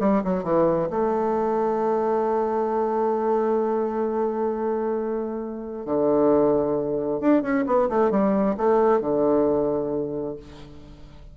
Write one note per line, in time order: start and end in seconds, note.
0.00 0.23 G3
0.24 0.44 F#3
0.44 0.89 E3
0.90 5.86 A3
5.86 7.21 D3
7.21 7.43 D4
7.43 7.65 C#4
7.67 7.89 B3
7.89 8.11 A3
8.11 8.56 G3
8.58 9.01 A3
9.01 10.36 D3